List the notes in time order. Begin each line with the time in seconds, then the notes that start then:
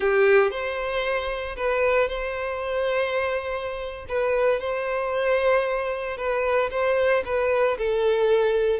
0.00 G4
0.50 C5
1.56 B4
2.08 C5
4.08 B4
4.60 C5
6.17 B4
6.71 C5
7.25 B4
7.78 A4